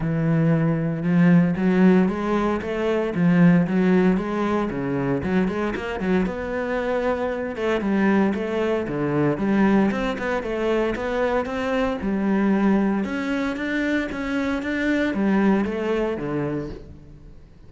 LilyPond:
\new Staff \with { instrumentName = "cello" } { \time 4/4 \tempo 4 = 115 e2 f4 fis4 | gis4 a4 f4 fis4 | gis4 cis4 fis8 gis8 ais8 fis8 | b2~ b8 a8 g4 |
a4 d4 g4 c'8 b8 | a4 b4 c'4 g4~ | g4 cis'4 d'4 cis'4 | d'4 g4 a4 d4 | }